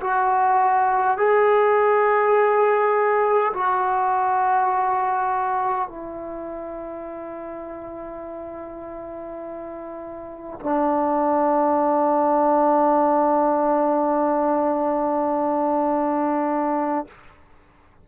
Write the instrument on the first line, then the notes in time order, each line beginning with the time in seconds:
trombone
0.00 F#4
1.17 G#4
3.53 F#4
5.88 E4
10.59 D4